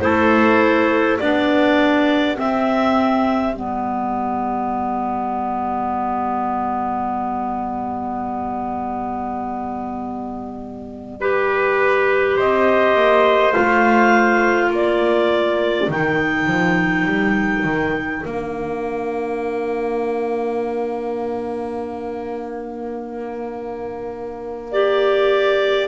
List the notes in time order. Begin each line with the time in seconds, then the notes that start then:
0.00 A3 E4 A4 C5
1.19 B3 D4 G4 D5
2.36 C4 E5
3.53 G3 B3 D5
11.20 G4 B4
12.37 C4 C5 D#5
12.95 A#3
13.53 A3 F4 F5
14.70 A#3 A#4 D5
15.88 D#3 D#4 G5
16.47 F3
17.05 G3
17.64 D#3
18.22 A#3 D4 F5
24.72 G4 D5